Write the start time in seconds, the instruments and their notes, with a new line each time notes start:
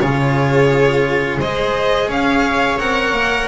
0.00 double bass C#3, cello F4, viola G#4, violin C#5
1.38 double bass G#3, cello G#4, viola C5, violin D#5
2.08 double bass C#4, viola C#5, violin F5
2.79 double bass C4, cello A#4, violin F#5
3.12 double bass A#3